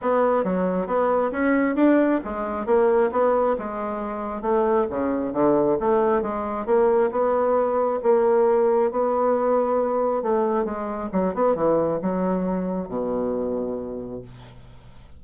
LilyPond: \new Staff \with { instrumentName = "bassoon" } { \time 4/4 \tempo 4 = 135 b4 fis4 b4 cis'4 | d'4 gis4 ais4 b4 | gis2 a4 cis4 | d4 a4 gis4 ais4 |
b2 ais2 | b2. a4 | gis4 fis8 b8 e4 fis4~ | fis4 b,2. | }